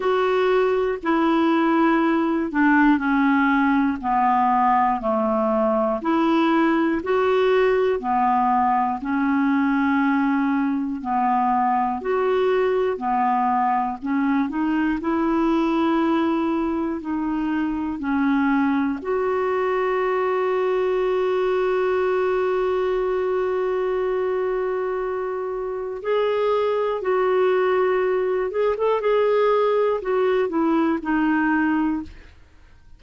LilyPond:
\new Staff \with { instrumentName = "clarinet" } { \time 4/4 \tempo 4 = 60 fis'4 e'4. d'8 cis'4 | b4 a4 e'4 fis'4 | b4 cis'2 b4 | fis'4 b4 cis'8 dis'8 e'4~ |
e'4 dis'4 cis'4 fis'4~ | fis'1~ | fis'2 gis'4 fis'4~ | fis'8 gis'16 a'16 gis'4 fis'8 e'8 dis'4 | }